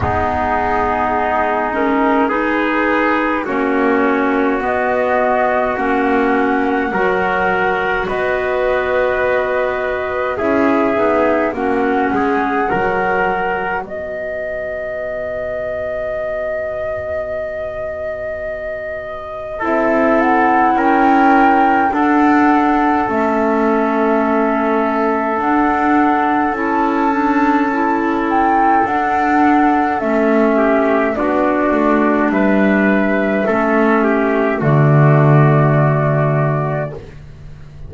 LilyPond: <<
  \new Staff \with { instrumentName = "flute" } { \time 4/4 \tempo 4 = 52 gis'4. ais'8 b'4 cis''4 | dis''4 fis''2 dis''4~ | dis''4 e''4 fis''2 | dis''1~ |
dis''4 e''8 fis''8 g''4 fis''4 | e''2 fis''4 a''4~ | a''8 g''8 fis''4 e''4 d''4 | e''2 d''2 | }
  \new Staff \with { instrumentName = "trumpet" } { \time 4/4 dis'2 gis'4 fis'4~ | fis'2 ais'4 b'4~ | b'4 gis'4 fis'8 gis'8 ais'4 | b'1~ |
b'4 a'4 ais'4 a'4~ | a'1~ | a'2~ a'8 g'8 fis'4 | b'4 a'8 g'8 fis'2 | }
  \new Staff \with { instrumentName = "clarinet" } { \time 4/4 b4. cis'8 dis'4 cis'4 | b4 cis'4 fis'2~ | fis'4 e'8 dis'8 cis'4 fis'4~ | fis'1~ |
fis'4 e'2 d'4 | cis'2 d'4 e'8 d'8 | e'4 d'4 cis'4 d'4~ | d'4 cis'4 a2 | }
  \new Staff \with { instrumentName = "double bass" } { \time 4/4 gis2. ais4 | b4 ais4 fis4 b4~ | b4 cis'8 b8 ais8 gis8 fis4 | b1~ |
b4 c'4 cis'4 d'4 | a2 d'4 cis'4~ | cis'4 d'4 a4 b8 a8 | g4 a4 d2 | }
>>